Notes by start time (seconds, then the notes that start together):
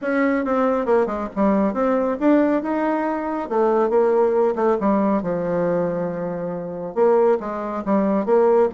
0.01 C#4
0.44 C4
0.85 A#3
1.06 G#3
1.35 G3
1.73 C4
2.20 D4
2.62 D#4
3.49 A3
3.89 A#3
4.55 A3
4.80 G3
5.22 F3
6.94 A#3
7.40 G#3
7.85 G3
8.25 A#3